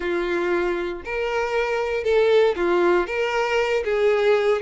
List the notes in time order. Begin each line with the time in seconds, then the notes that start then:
0.00 F4
1.04 A#4
2.04 A4
2.55 F4
3.06 A#4
3.84 G#4